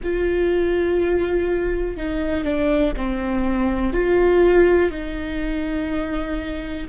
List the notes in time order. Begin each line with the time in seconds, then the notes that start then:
0.03 F4
1.96 D#4
2.44 D4
2.96 C4
3.93 F4
4.90 D#4